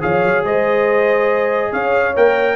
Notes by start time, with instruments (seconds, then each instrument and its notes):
0.00 tuba F3, trombone G#4, horn C#5, trumpet F5
0.23 tuba F#3
0.43 tuba G#3, horn C5, trumpet D#5
1.71 tuba C#4, horn C#5, trumpet F5
2.16 tuba A#3, trombone A#4, trumpet G5